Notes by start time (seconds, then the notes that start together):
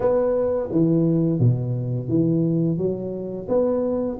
0.00 B3
0.71 E3
1.39 B2
2.08 E3
2.77 F#3
3.48 B3